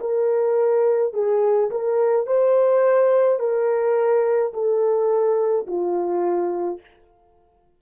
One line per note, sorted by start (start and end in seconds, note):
0.00 1.13 A#4
1.13 1.70 G#4
1.70 2.26 A#4
2.26 3.39 C5
3.39 4.52 A#4
4.53 5.67 A4
5.67 6.80 F4